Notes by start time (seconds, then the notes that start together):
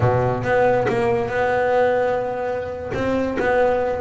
0.00 B2
0.43 B3
0.88 A#3
1.28 B3
2.93 C4
3.39 B3